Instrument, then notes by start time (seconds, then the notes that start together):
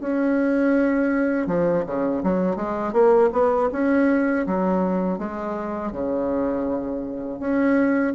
bassoon
0.00 C#4
1.46 F3
1.86 C#3
2.23 F#3
2.56 G#3
2.92 A#3
3.32 B3
3.72 C#4
4.46 F#3
5.18 G#3
5.92 C#3
7.39 C#4